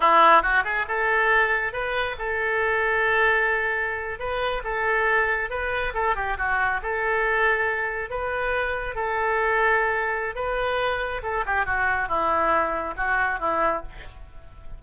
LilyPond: \new Staff \with { instrumentName = "oboe" } { \time 4/4 \tempo 4 = 139 e'4 fis'8 gis'8 a'2 | b'4 a'2.~ | a'4.~ a'16 b'4 a'4~ a'16~ | a'8. b'4 a'8 g'8 fis'4 a'16~ |
a'2~ a'8. b'4~ b'16~ | b'8. a'2.~ a'16 | b'2 a'8 g'8 fis'4 | e'2 fis'4 e'4 | }